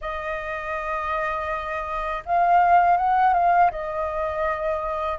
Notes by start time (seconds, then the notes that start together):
0.01 D#5
2.25 F5
2.97 F#5
3.33 F5
3.71 D#5